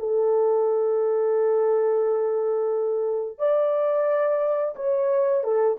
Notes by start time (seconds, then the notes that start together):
0.00 A4
3.39 D5
4.76 C#5
5.44 A4